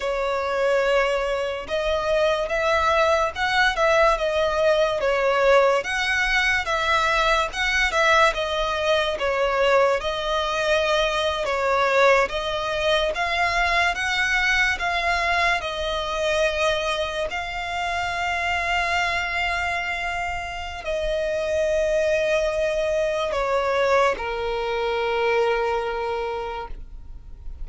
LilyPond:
\new Staff \with { instrumentName = "violin" } { \time 4/4 \tempo 4 = 72 cis''2 dis''4 e''4 | fis''8 e''8 dis''4 cis''4 fis''4 | e''4 fis''8 e''8 dis''4 cis''4 | dis''4.~ dis''16 cis''4 dis''4 f''16~ |
f''8. fis''4 f''4 dis''4~ dis''16~ | dis''8. f''2.~ f''16~ | f''4 dis''2. | cis''4 ais'2. | }